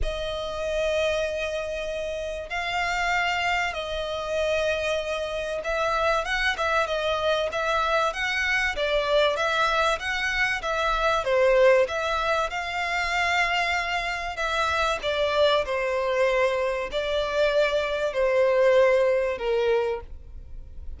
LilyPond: \new Staff \with { instrumentName = "violin" } { \time 4/4 \tempo 4 = 96 dis''1 | f''2 dis''2~ | dis''4 e''4 fis''8 e''8 dis''4 | e''4 fis''4 d''4 e''4 |
fis''4 e''4 c''4 e''4 | f''2. e''4 | d''4 c''2 d''4~ | d''4 c''2 ais'4 | }